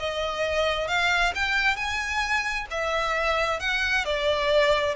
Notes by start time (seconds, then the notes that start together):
0.00 D#5
0.88 F5
1.36 G5
1.77 G#5
2.71 E5
3.60 F#5
4.05 D5